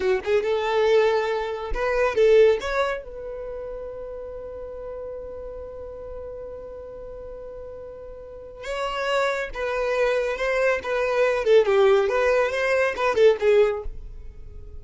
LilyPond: \new Staff \with { instrumentName = "violin" } { \time 4/4 \tempo 4 = 139 fis'8 gis'8 a'2. | b'4 a'4 cis''4 b'4~ | b'1~ | b'1~ |
b'1 | cis''2 b'2 | c''4 b'4. a'8 g'4 | b'4 c''4 b'8 a'8 gis'4 | }